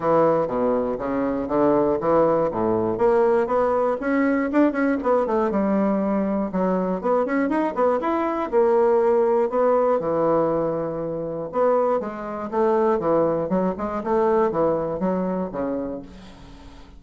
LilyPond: \new Staff \with { instrumentName = "bassoon" } { \time 4/4 \tempo 4 = 120 e4 b,4 cis4 d4 | e4 a,4 ais4 b4 | cis'4 d'8 cis'8 b8 a8 g4~ | g4 fis4 b8 cis'8 dis'8 b8 |
e'4 ais2 b4 | e2. b4 | gis4 a4 e4 fis8 gis8 | a4 e4 fis4 cis4 | }